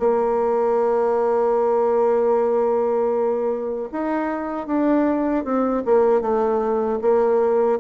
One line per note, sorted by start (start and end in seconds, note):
0.00 3.90 A#3
3.92 4.67 D#4
4.67 5.45 D4
5.45 5.84 C4
5.86 6.22 A#3
6.22 7.00 A3
7.02 7.80 A#3